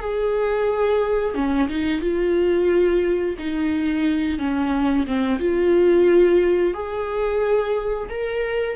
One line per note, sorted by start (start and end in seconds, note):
0.00 1.35 G#4
1.35 1.68 C#4
1.69 2.01 D#4
2.01 3.36 F4
3.38 4.39 D#4
4.39 5.06 C#4
5.06 5.39 C4
5.39 6.74 F4
6.74 8.08 G#4
8.09 8.76 A#4